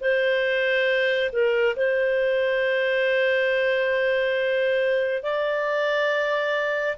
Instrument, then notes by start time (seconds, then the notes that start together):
clarinet
0.00 C5
1.32 A#4
1.76 C5
5.23 D5